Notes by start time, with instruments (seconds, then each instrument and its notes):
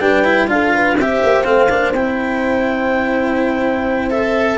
0.00 tuba G3, cello D4, horn B4, clarinet G5
0.25 cello E4
0.48 tuba D4, cello F4, horn A4, clarinet F5
0.74 horn B4
0.97 tuba C4, cello G4, horn C5, clarinet E5
1.23 tuba A#3
1.44 tuba A3, cello C4, clarinet F5
1.70 tuba A#3, cello D4
1.93 tuba C4, cello E4, clarinet G5
4.11 cello A4, clarinet E5